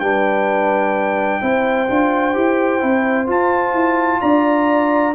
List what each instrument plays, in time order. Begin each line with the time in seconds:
0.00 tuba G3, trombone D4, horn B4, trumpet G5
1.41 tuba C4, trombone E4, horn C5
1.89 tuba D4, trombone F4
2.34 tuba E4, trombone G4
2.80 tuba C4, trombone E4
3.27 trombone F4, tuba F4, trumpet A5
3.74 tuba E4
4.21 tuba D4, horn D5, trumpet A#5